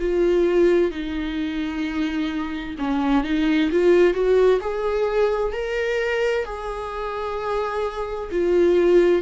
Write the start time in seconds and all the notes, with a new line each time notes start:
0.00 F4
0.91 D#4
2.79 C#4
3.24 D#4
3.71 F4
4.14 F#4
4.61 G#4
5.53 A#4
6.45 G#4
8.31 F4